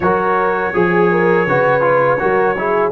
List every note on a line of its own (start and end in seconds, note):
0.00 0.73 F#3
0.00 0.74 F#4
0.00 0.73 A#4
0.00 2.90 C#5
0.73 1.46 F3
0.73 1.10 G#4
0.73 1.47 G#4
1.11 1.47 A#4
1.46 2.19 C#3
1.46 1.81 F#4
1.46 2.20 B4
1.81 2.17 F4
2.19 2.91 F#3
2.19 2.55 F#4
2.19 2.57 A#4
2.58 2.91 E4
2.58 2.91 G#4